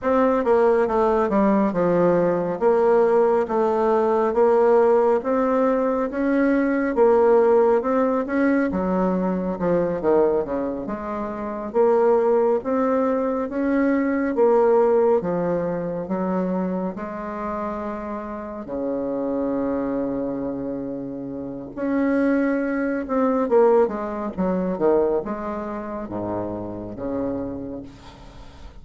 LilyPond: \new Staff \with { instrumentName = "bassoon" } { \time 4/4 \tempo 4 = 69 c'8 ais8 a8 g8 f4 ais4 | a4 ais4 c'4 cis'4 | ais4 c'8 cis'8 fis4 f8 dis8 | cis8 gis4 ais4 c'4 cis'8~ |
cis'8 ais4 f4 fis4 gis8~ | gis4. cis2~ cis8~ | cis4 cis'4. c'8 ais8 gis8 | fis8 dis8 gis4 gis,4 cis4 | }